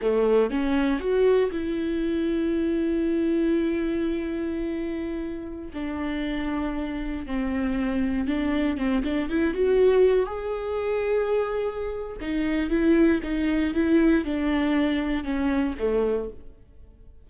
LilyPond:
\new Staff \with { instrumentName = "viola" } { \time 4/4 \tempo 4 = 118 a4 cis'4 fis'4 e'4~ | e'1~ | e'2.~ e'16 d'8.~ | d'2~ d'16 c'4.~ c'16~ |
c'16 d'4 c'8 d'8 e'8 fis'4~ fis'16~ | fis'16 gis'2.~ gis'8. | dis'4 e'4 dis'4 e'4 | d'2 cis'4 a4 | }